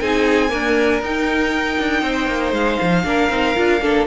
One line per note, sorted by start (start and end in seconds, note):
0.00 0.52 C4
0.00 0.50 D#4
0.00 0.51 G#4
0.00 1.02 G#5
0.50 1.01 A#3
0.50 1.02 D4
0.50 2.03 A#4
1.02 1.78 D#4
1.02 3.05 D#4
1.02 2.54 G5
1.80 2.02 D4
2.02 2.28 C4
2.02 3.06 C5
2.28 2.52 A#3
2.52 2.78 G#3
2.52 4.06 F5
2.82 3.04 F3
3.04 3.29 A#3
3.04 3.31 D4
3.04 3.83 A#4
3.30 3.55 C4
3.30 3.56 D#4
3.56 3.82 D4
3.56 3.81 F4
3.82 4.07 A#3
3.82 4.07 D4
3.82 4.07 A4